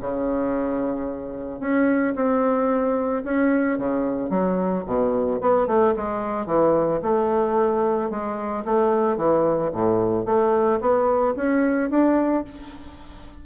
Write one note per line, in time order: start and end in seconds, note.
0.00 1.60 C#3
1.60 2.14 C#4
2.15 3.23 C4
3.24 3.78 C#4
3.78 4.29 C#3
4.29 4.84 F#3
4.86 5.40 B2
5.41 5.67 B3
5.67 5.94 A3
5.96 6.46 G#3
6.46 7.00 E3
7.02 8.10 A3
8.10 8.64 G#3
8.65 9.17 A3
9.17 9.71 E3
9.72 10.25 A2
10.25 10.79 A3
10.80 11.34 B3
11.36 11.90 C#4
11.90 12.44 D4